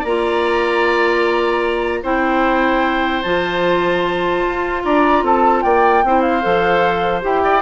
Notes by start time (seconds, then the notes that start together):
0.00 A#3 D5 A#5
0.07 F4
2.03 C4 E4 C5 G5
3.23 F3 F4 A5
4.49 F4
4.85 D4 D5 A#5
5.23 C4 A4 A5
5.62 A#3 D5 G5
6.04 C4 E4 C5
6.22 F5
6.42 F3 A4
7.21 E4 G4 G5
7.43 D5